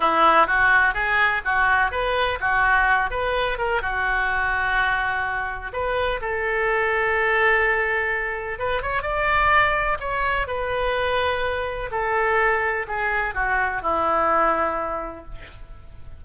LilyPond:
\new Staff \with { instrumentName = "oboe" } { \time 4/4 \tempo 4 = 126 e'4 fis'4 gis'4 fis'4 | b'4 fis'4. b'4 ais'8 | fis'1 | b'4 a'2.~ |
a'2 b'8 cis''8 d''4~ | d''4 cis''4 b'2~ | b'4 a'2 gis'4 | fis'4 e'2. | }